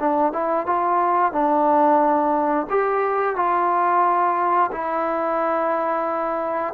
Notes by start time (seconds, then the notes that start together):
0.00 D4
0.32 E4
0.66 F4
1.32 D4
2.70 G4
3.36 F4
4.72 E4